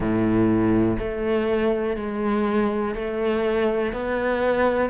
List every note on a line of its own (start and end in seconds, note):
0.00 0.97 A2
0.98 1.96 A3
1.96 2.94 G#3
2.94 3.92 A3
3.92 4.90 B3